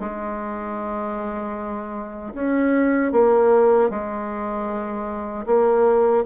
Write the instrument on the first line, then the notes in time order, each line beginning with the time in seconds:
bassoon
0.00 G#3
2.34 C#4
3.12 A#3
3.90 G#3
5.46 A#3